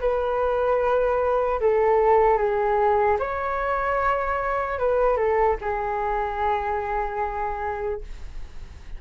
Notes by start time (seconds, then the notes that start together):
0.00 B4
1.60 A4
2.37 G#4
3.19 C#5
4.79 B4
5.17 A4
5.61 G#4